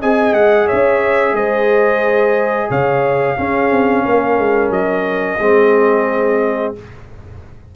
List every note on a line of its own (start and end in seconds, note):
0.00 0.32 C4
0.00 3.37 G#4
0.00 0.66 D#5
0.00 0.34 G#5
0.32 0.66 G#3
0.32 0.68 F#5
0.66 1.33 C#4
0.66 1.34 C#5
0.66 1.35 E5
1.33 2.68 G#3
1.33 2.69 C5
1.33 2.70 D#5
2.69 3.38 C#3
2.69 3.36 C#5
2.69 4.72 F5
3.37 5.39 C#4
3.37 3.71 C#4
3.37 4.04 G#4
3.71 4.04 C4
4.05 4.38 A#3
4.05 5.40 A#4
4.38 4.70 G#3
4.70 5.37 F#3
4.70 6.74 D#5
5.38 6.73 G#3
5.38 6.75 C4
5.38 6.75 G#4